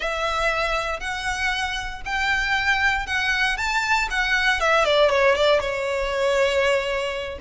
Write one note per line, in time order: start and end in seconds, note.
0.00 0.99 E5
0.99 2.01 F#5
2.05 3.06 G5
3.06 3.57 F#5
3.57 4.08 A5
4.10 4.60 F#5
4.60 4.84 E5
4.84 5.09 D5
5.09 5.35 C#5
5.35 5.60 D5
5.60 7.38 C#5